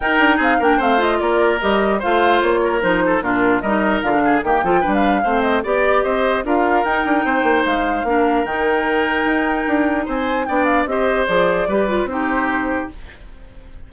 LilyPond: <<
  \new Staff \with { instrumentName = "flute" } { \time 4/4 \tempo 4 = 149 g''4 f''8 g''8 f''8 dis''8 d''4 | dis''4 f''4 cis''4 c''4 | ais'4 dis''4 f''4 g''4~ | g''16 f''4~ f''16 dis''8 d''4 dis''4 |
f''4 g''2 f''4~ | f''4 g''2.~ | g''4 gis''4 g''8 f''8 dis''4 | d''2 c''2 | }
  \new Staff \with { instrumentName = "oboe" } { \time 4/4 ais'4 gis'8 ais'8 c''4 ais'4~ | ais'4 c''4. ais'4 a'8 | f'4 ais'4. gis'8 g'8 a'8 | b'4 c''4 d''4 c''4 |
ais'2 c''2 | ais'1~ | ais'4 c''4 d''4 c''4~ | c''4 b'4 g'2 | }
  \new Staff \with { instrumentName = "clarinet" } { \time 4/4 dis'4. d'8 c'8 f'4. | g'4 f'2 dis'4 | d'4 dis'4 f'16 d'8. ais8 f'8 | d'4 c'4 g'2 |
f'4 dis'2. | d'4 dis'2.~ | dis'2 d'4 g'4 | gis'4 g'8 f'8 dis'2 | }
  \new Staff \with { instrumentName = "bassoon" } { \time 4/4 dis'8 d'8 c'8 ais8 a4 ais4 | g4 a4 ais4 f4 | ais,4 g4 d4 dis8 f8 | g4 a4 b4 c'4 |
d'4 dis'8 d'8 c'8 ais8 gis4 | ais4 dis2 dis'4 | d'4 c'4 b4 c'4 | f4 g4 c'2 | }
>>